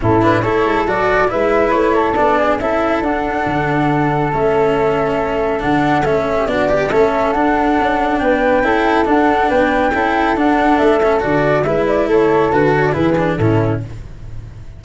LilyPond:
<<
  \new Staff \with { instrumentName = "flute" } { \time 4/4 \tempo 4 = 139 a'8 b'8 cis''4 d''4 e''4 | cis''4 d''4 e''4 fis''4~ | fis''2 e''2~ | e''4 fis''4 e''4 d''4 |
e''4 fis''2 g''4~ | g''4 fis''4 g''2 | fis''4 e''4 d''4 e''8 d''8 | cis''4 b'8 cis''16 d''16 b'4 a'4 | }
  \new Staff \with { instrumentName = "flute" } { \time 4/4 e'4 a'2 b'4~ | b'8 a'4 gis'8 a'2~ | a'1~ | a'2~ a'8. g'16 fis'8 d'8 |
a'2. b'4 | a'2 b'4 a'4~ | a'2. b'4 | a'2 gis'4 e'4 | }
  \new Staff \with { instrumentName = "cello" } { \time 4/4 cis'8 d'8 e'4 fis'4 e'4~ | e'4 d'4 e'4 d'4~ | d'2 cis'2~ | cis'4 d'4 cis'4 d'8 g'8 |
cis'4 d'2. | e'4 d'2 e'4 | d'4. cis'8 fis'4 e'4~ | e'4 fis'4 e'8 d'8 cis'4 | }
  \new Staff \with { instrumentName = "tuba" } { \time 4/4 a,4 a8 gis8 fis4 gis4 | a4 b4 cis'4 d'4 | d2 a2~ | a4 d4 a4 b4 |
a4 d'4 cis'4 b4 | cis'4 d'4 b4 cis'4 | d'4 a4 d4 gis4 | a4 d4 e4 a,4 | }
>>